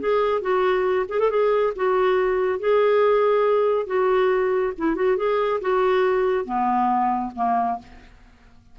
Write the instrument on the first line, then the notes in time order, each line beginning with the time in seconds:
clarinet
0.00 G#4
0.42 F#4
1.09 G#4
1.20 A4
1.31 G#4
1.76 F#4
2.60 G#4
3.87 F#4
4.78 E4
4.96 F#4
5.17 G#4
5.61 F#4
6.45 B3
7.36 A#3